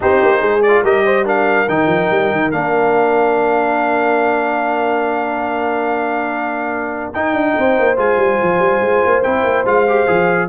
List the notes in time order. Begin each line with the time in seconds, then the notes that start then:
0.00 C4 D#4 G4 C5
0.22 A#3
0.39 G#3 G#4
0.62 F4 D5
0.83 G3 G4 A#4 D#5
1.05 C5
1.25 D4 A#4 F5
1.68 D#3 D#4 G5
1.87 F3
2.10 G3
2.31 D#3
2.51 A#3 D4 F5
7.13 D#4 G5
7.33 D4
7.57 C4 C5
7.78 A#3
7.96 G#3 F4 G#5
8.17 G3
8.42 F3
8.59 G3
8.81 G#3
9.05 A#3
9.22 C4 E4 G5
9.43 A#3
9.65 G#3 F4 F5
9.88 G4
10.06 F3 G#4